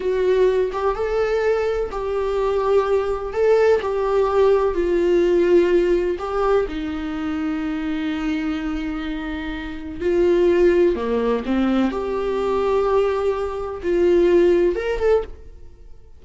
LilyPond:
\new Staff \with { instrumentName = "viola" } { \time 4/4 \tempo 4 = 126 fis'4. g'8 a'2 | g'2. a'4 | g'2 f'2~ | f'4 g'4 dis'2~ |
dis'1~ | dis'4 f'2 ais4 | c'4 g'2.~ | g'4 f'2 ais'8 a'8 | }